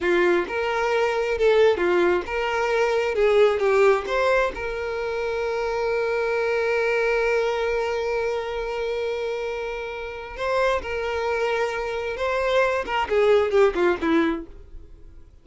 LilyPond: \new Staff \with { instrumentName = "violin" } { \time 4/4 \tempo 4 = 133 f'4 ais'2 a'4 | f'4 ais'2 gis'4 | g'4 c''4 ais'2~ | ais'1~ |
ais'1~ | ais'2. c''4 | ais'2. c''4~ | c''8 ais'8 gis'4 g'8 f'8 e'4 | }